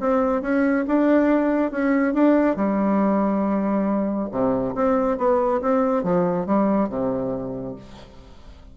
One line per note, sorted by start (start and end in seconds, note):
0.00 0.42 C4
0.42 0.85 C#4
0.88 1.72 D4
1.72 2.14 C#4
2.14 2.56 D4
2.56 4.29 G3
4.32 4.75 C3
4.75 5.18 C4
5.18 5.61 B3
5.62 6.04 C4
6.04 6.46 F3
6.46 6.89 G3
6.89 7.76 C3